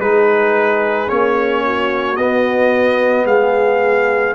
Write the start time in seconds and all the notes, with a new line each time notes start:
0.00 G#3 D#4 G#4 B4
1.07 A#3 C#4 C#5
1.64 F#4
2.16 B3 D#5
3.25 G#3 G#4 F5